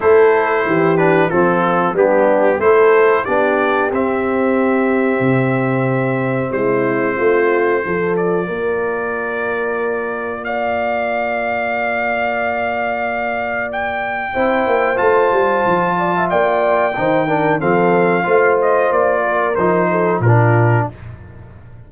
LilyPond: <<
  \new Staff \with { instrumentName = "trumpet" } { \time 4/4 \tempo 4 = 92 c''4. b'8 a'4 g'4 | c''4 d''4 e''2~ | e''2 c''2~ | c''8 d''2.~ d''8 |
f''1~ | f''4 g''2 a''4~ | a''4 g''2 f''4~ | f''8 dis''8 d''4 c''4 ais'4 | }
  \new Staff \with { instrumentName = "horn" } { \time 4/4 a'4 g'4 f'4 d'4 | a'4 g'2.~ | g'2 e'4 f'4 | a'4 ais'2. |
d''1~ | d''2 c''2~ | c''8 d''16 e''16 d''4 c''8 ais'8 a'4 | c''4. ais'4 a'8 f'4 | }
  \new Staff \with { instrumentName = "trombone" } { \time 4/4 e'4. d'8 c'4 b4 | e'4 d'4 c'2~ | c'1 | f'1~ |
f'1~ | f'2 e'4 f'4~ | f'2 dis'8 d'8 c'4 | f'2 dis'4 d'4 | }
  \new Staff \with { instrumentName = "tuba" } { \time 4/4 a4 e4 f4 g4 | a4 b4 c'2 | c2 gis4 a4 | f4 ais2.~ |
ais1~ | ais2 c'8 ais8 a8 g8 | f4 ais4 dis4 f4 | a4 ais4 f4 ais,4 | }
>>